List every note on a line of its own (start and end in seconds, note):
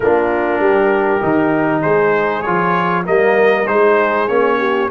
0.00 0.59 A#3
0.00 1.21 D4
0.00 0.61 F4
0.00 1.82 A#4
0.59 1.20 G3
0.59 1.82 G4
1.21 1.84 D#3
1.21 2.43 D#4
1.82 2.45 G#3
1.82 3.04 G#4
1.82 2.42 C5
2.42 3.07 F3
2.42 3.04 F4
2.42 3.03 C#5
3.04 3.67 G3
3.04 3.65 A#3
3.04 3.69 A#4
3.04 3.67 D#5
3.67 4.28 G#3
3.67 4.28 D#4
3.67 4.58 G#4
3.67 4.28 C5
4.28 4.90 A#3
4.28 4.89 C#4
4.28 4.89 C#5
4.58 4.89 G4